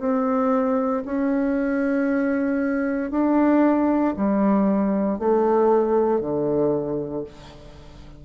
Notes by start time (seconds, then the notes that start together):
0.00 C4
1.05 C#4
3.11 D4
4.17 G3
5.19 A3
6.21 D3